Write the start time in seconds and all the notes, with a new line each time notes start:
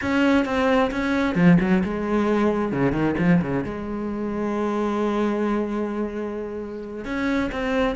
0.01 C#4
0.45 C4
0.91 C#4
1.35 F3
1.60 F#3
1.83 G#3
2.71 C#3
2.92 D#3
3.18 F3
3.41 C#3
3.64 G#3
7.05 C#4
7.51 C4